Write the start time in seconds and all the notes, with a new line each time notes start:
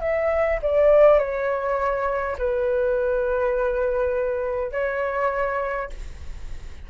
0.00 E5
0.62 D5
1.19 C#5
2.38 B4
4.72 C#5